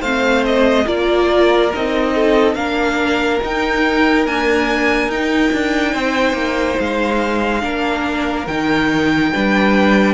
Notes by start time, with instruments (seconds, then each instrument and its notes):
0.00 cello A3, viola C4, violin C5 F5
0.46 violin D#5
0.86 cello A#3, viola F4, violin A#4 D5
1.75 cello C4, viola D#4, violin D#5
2.15 violin A4
2.55 cello A#3, viola D4, violin A#4 F5
3.43 viola D#4, cello D#4, violin G5
4.27 viola A#3, cello D4, violin G#5
5.08 cello D#4, viola D#4, violin G5
5.53 cello D4
5.93 cello C4, violin C5
6.33 cello A#3
6.80 cello G#3, violin F5
7.62 cello A#3, viola D4, violin A#4
8.47 cello D#3, viola D#4, violin G5
9.34 cello G3, viola D4, violin B4